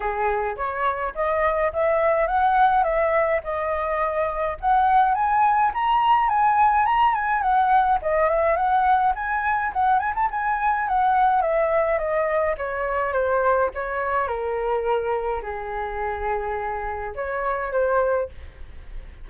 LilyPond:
\new Staff \with { instrumentName = "flute" } { \time 4/4 \tempo 4 = 105 gis'4 cis''4 dis''4 e''4 | fis''4 e''4 dis''2 | fis''4 gis''4 ais''4 gis''4 | ais''8 gis''8 fis''4 dis''8 e''8 fis''4 |
gis''4 fis''8 gis''16 a''16 gis''4 fis''4 | e''4 dis''4 cis''4 c''4 | cis''4 ais'2 gis'4~ | gis'2 cis''4 c''4 | }